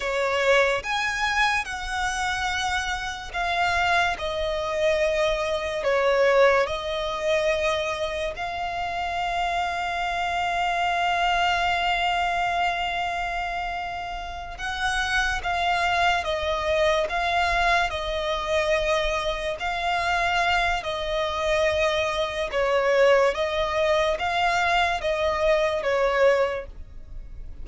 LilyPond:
\new Staff \with { instrumentName = "violin" } { \time 4/4 \tempo 4 = 72 cis''4 gis''4 fis''2 | f''4 dis''2 cis''4 | dis''2 f''2~ | f''1~ |
f''4. fis''4 f''4 dis''8~ | dis''8 f''4 dis''2 f''8~ | f''4 dis''2 cis''4 | dis''4 f''4 dis''4 cis''4 | }